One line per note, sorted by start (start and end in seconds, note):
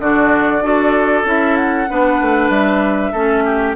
0.00 0.61 D3
0.00 0.62 D4
0.00 0.64 F#4
0.00 1.26 D5
0.61 1.24 D4
0.61 1.25 F#4
0.61 1.90 A4
1.25 1.88 C#4
1.25 1.88 E4
1.25 1.56 E5
1.56 2.50 F#5
1.90 2.22 B3
1.90 3.15 D4
1.90 3.12 B4
2.22 2.50 A3
2.50 3.12 G3
2.50 3.75 E5
3.12 3.76 A3
3.12 3.76 C#4
3.12 3.44 A4
3.45 3.76 G4